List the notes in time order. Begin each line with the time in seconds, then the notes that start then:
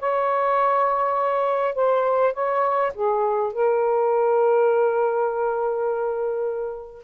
0.00 C#5
1.75 C5
2.34 C#5
2.95 G#4
3.53 A#4